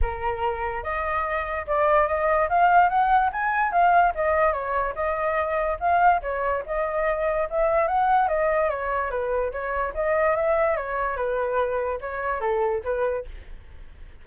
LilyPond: \new Staff \with { instrumentName = "flute" } { \time 4/4 \tempo 4 = 145 ais'2 dis''2 | d''4 dis''4 f''4 fis''4 | gis''4 f''4 dis''4 cis''4 | dis''2 f''4 cis''4 |
dis''2 e''4 fis''4 | dis''4 cis''4 b'4 cis''4 | dis''4 e''4 cis''4 b'4~ | b'4 cis''4 a'4 b'4 | }